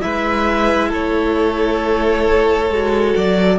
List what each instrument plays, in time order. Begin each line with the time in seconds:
0.00 cello G#3, viola E4, violin B4 E5
0.89 cello A3, violin A4 C#5
2.69 cello G#3, viola F#4
3.16 cello F#3, violin D5